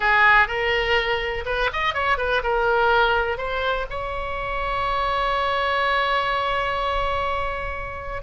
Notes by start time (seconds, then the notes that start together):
0.00 G#4
0.47 A#4
1.45 B4
1.72 D#5
1.94 C#5
2.17 B4
2.43 A#4
3.37 C5
3.90 C#5